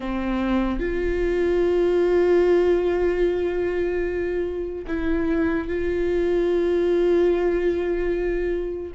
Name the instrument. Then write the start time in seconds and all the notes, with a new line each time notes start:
viola
0.00 C4
0.79 F4
4.87 E4
5.68 F4